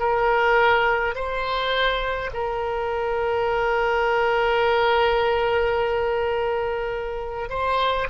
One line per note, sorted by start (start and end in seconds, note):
0.00 1.15 A#4
1.15 2.31 C5
2.34 7.50 A#4
7.50 8.08 C5